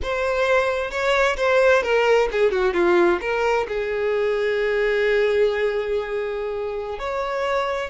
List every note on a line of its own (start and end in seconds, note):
0.02 0.90 C5
0.90 1.36 C#5
1.37 1.82 C5
1.83 2.28 A#4
2.31 2.51 G#4
2.51 2.73 F#4
2.73 3.19 F4
3.21 3.66 A#4
3.68 6.98 G#4
6.98 7.90 C#5